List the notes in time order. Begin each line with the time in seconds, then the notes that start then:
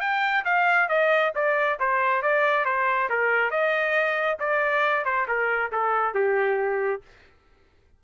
0.00 G5
0.44 F5
0.88 D#5
1.35 D5
1.79 C5
2.22 D5
2.65 C5
3.09 A#4
3.50 D#5
4.39 D5
5.04 C5
5.27 A#4
5.72 A4
6.14 G4